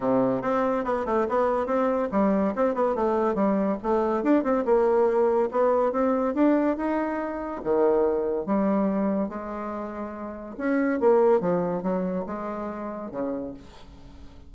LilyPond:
\new Staff \with { instrumentName = "bassoon" } { \time 4/4 \tempo 4 = 142 c4 c'4 b8 a8 b4 | c'4 g4 c'8 b8 a4 | g4 a4 d'8 c'8 ais4~ | ais4 b4 c'4 d'4 |
dis'2 dis2 | g2 gis2~ | gis4 cis'4 ais4 f4 | fis4 gis2 cis4 | }